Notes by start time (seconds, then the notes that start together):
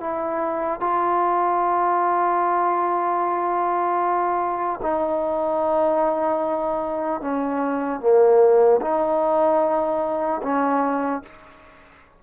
0.00 E4
0.80 F4
4.82 D#4
7.21 C#4
8.00 A#3
8.81 D#4
10.42 C#4